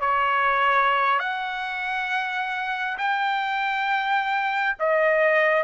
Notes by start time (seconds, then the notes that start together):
0.00 C#5
1.19 F#5
2.98 G5
4.79 D#5